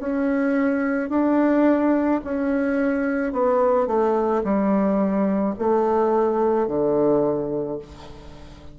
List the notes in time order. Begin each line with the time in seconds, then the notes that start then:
0.00 C#4
1.10 D4
2.24 C#4
3.33 B3
3.87 A3
4.44 G3
5.59 A3
6.68 D3